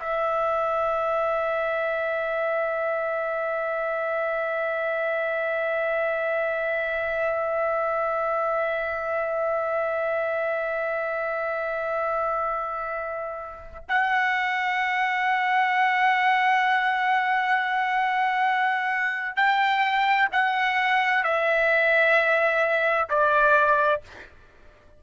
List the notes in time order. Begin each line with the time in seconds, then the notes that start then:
0.00 E5
13.88 F#5
19.36 G5
20.32 F#5
21.23 E5
23.09 D5